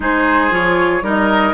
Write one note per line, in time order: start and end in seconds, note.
0.00 0.51 G#3
0.00 0.50 D#4
0.00 1.03 G#4
0.00 0.54 C5
0.50 1.02 F3
0.50 1.02 F4
0.50 1.05 C#5
1.02 1.53 G3
1.02 1.54 D#4
1.02 1.54 A#4
1.02 1.54 D#5